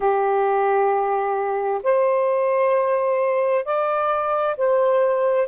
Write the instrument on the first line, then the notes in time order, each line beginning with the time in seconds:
saxophone
0.00 G4
1.83 C5
3.64 D5
4.57 C5